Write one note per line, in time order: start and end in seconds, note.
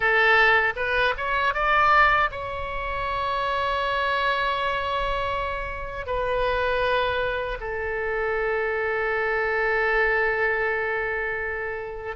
0.00 0.73 A4
0.76 1.14 B4
1.17 1.54 C#5
1.54 2.30 D5
2.31 6.06 C#5
6.06 7.58 B4
7.60 12.16 A4